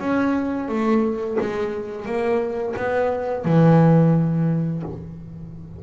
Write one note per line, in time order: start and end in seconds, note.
0.00 0.69 C#4
0.69 1.38 A3
1.40 2.06 G#3
2.06 2.75 A#3
2.77 3.45 B3
3.45 4.83 E3